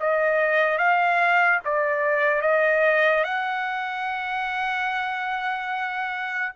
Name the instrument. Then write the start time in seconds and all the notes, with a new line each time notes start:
trumpet
0.00 D#5
0.78 F5
1.64 D5
2.42 D#5
3.24 F#5